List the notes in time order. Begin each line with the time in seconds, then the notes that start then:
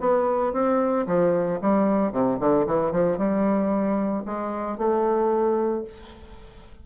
0.00 B3
0.53 C4
1.07 F3
1.61 G3
2.12 C3
2.40 D3
2.67 E3
2.92 F3
3.18 G3
4.25 G#3
4.78 A3